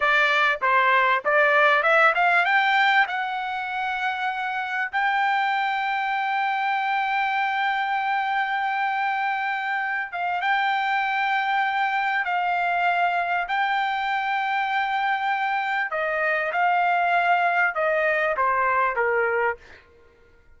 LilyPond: \new Staff \with { instrumentName = "trumpet" } { \time 4/4 \tempo 4 = 98 d''4 c''4 d''4 e''8 f''8 | g''4 fis''2. | g''1~ | g''1~ |
g''8 f''8 g''2. | f''2 g''2~ | g''2 dis''4 f''4~ | f''4 dis''4 c''4 ais'4 | }